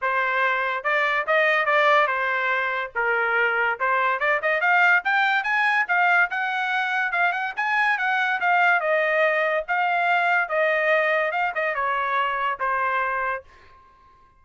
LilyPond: \new Staff \with { instrumentName = "trumpet" } { \time 4/4 \tempo 4 = 143 c''2 d''4 dis''4 | d''4 c''2 ais'4~ | ais'4 c''4 d''8 dis''8 f''4 | g''4 gis''4 f''4 fis''4~ |
fis''4 f''8 fis''8 gis''4 fis''4 | f''4 dis''2 f''4~ | f''4 dis''2 f''8 dis''8 | cis''2 c''2 | }